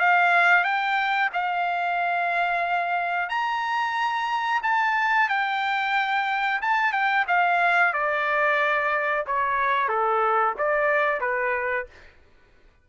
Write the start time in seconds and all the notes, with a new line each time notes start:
0.00 F5
0.64 G5
1.34 F5
3.30 A#5
4.63 A5
5.29 G5
6.62 A5
6.93 G5
7.28 F5
7.94 D5
9.27 C#5
9.89 A4
10.58 D5
11.21 B4